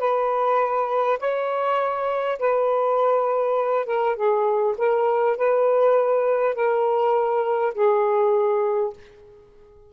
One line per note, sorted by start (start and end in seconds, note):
0.00 1.19 B4
1.20 2.38 C#5
2.40 3.86 B4
3.86 4.16 A#4
4.16 4.76 G#4
4.78 5.37 A#4
5.37 6.55 B4
6.55 7.74 A#4
7.74 8.93 G#4